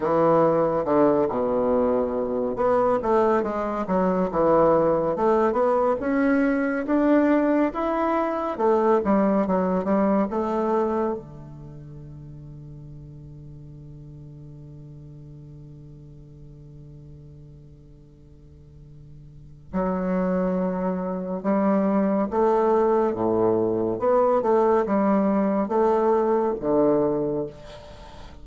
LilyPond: \new Staff \with { instrumentName = "bassoon" } { \time 4/4 \tempo 4 = 70 e4 d8 b,4. b8 a8 | gis8 fis8 e4 a8 b8 cis'4 | d'4 e'4 a8 g8 fis8 g8 | a4 d2.~ |
d1~ | d2. fis4~ | fis4 g4 a4 a,4 | b8 a8 g4 a4 d4 | }